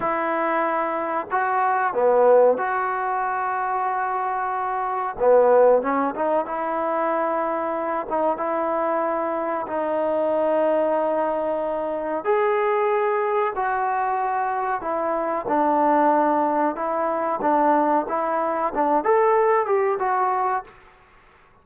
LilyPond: \new Staff \with { instrumentName = "trombone" } { \time 4/4 \tempo 4 = 93 e'2 fis'4 b4 | fis'1 | b4 cis'8 dis'8 e'2~ | e'8 dis'8 e'2 dis'4~ |
dis'2. gis'4~ | gis'4 fis'2 e'4 | d'2 e'4 d'4 | e'4 d'8 a'4 g'8 fis'4 | }